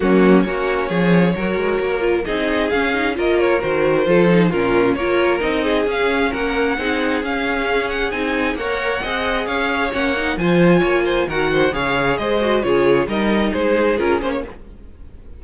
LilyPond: <<
  \new Staff \with { instrumentName = "violin" } { \time 4/4 \tempo 4 = 133 fis'4 cis''2.~ | cis''4 dis''4 f''4 dis''8 cis''8 | c''2 ais'4 cis''4 | dis''4 f''4 fis''2 |
f''4. fis''8 gis''4 fis''4~ | fis''4 f''4 fis''4 gis''4~ | gis''4 fis''4 f''4 dis''4 | cis''4 dis''4 c''4 ais'8 c''16 cis''16 | }
  \new Staff \with { instrumentName = "violin" } { \time 4/4 cis'4 fis'4 gis'4 ais'4~ | ais'4 gis'2 ais'4~ | ais'4 a'4 f'4 ais'4~ | ais'8 gis'4. ais'4 gis'4~ |
gis'2. cis''4 | dis''4 cis''2 c''4 | cis''8 c''8 ais'8 c''8 cis''4 c''4 | gis'4 ais'4 gis'2 | }
  \new Staff \with { instrumentName = "viola" } { \time 4/4 ais4 cis'2 fis'4~ | fis'8 f'8 dis'4 cis'8 dis'8 f'4 | fis'4 f'8 dis'8 cis'4 f'4 | dis'4 cis'2 dis'4 |
cis'2 dis'4 ais'4 | gis'2 cis'8 dis'8 f'4~ | f'4 fis'4 gis'4. fis'8 | f'4 dis'2 f'8 cis'8 | }
  \new Staff \with { instrumentName = "cello" } { \time 4/4 fis4 ais4 f4 fis8 gis8 | ais4 c'4 cis'4 ais4 | dis4 f4 ais,4 ais4 | c'4 cis'4 ais4 c'4 |
cis'2 c'4 ais4 | c'4 cis'4 ais4 f4 | ais4 dis4 cis4 gis4 | cis4 g4 gis4 cis'8 ais8 | }
>>